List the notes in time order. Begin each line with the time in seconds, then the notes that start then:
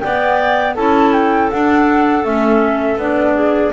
0.00 B3 D5 G5
0.75 C#4 E4 A4 A5
1.13 G5
1.51 D4 F#5
2.24 A3 C#4 E5
2.98 B3 D4 D5
3.35 G#4